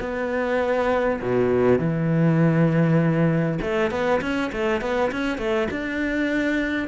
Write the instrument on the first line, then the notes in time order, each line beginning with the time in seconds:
cello
0.00 B3
1.21 B2
1.79 E3
3.61 A3
3.91 B3
4.21 C#4
4.52 A3
4.81 B3
5.12 C#4
5.38 A3
5.71 D4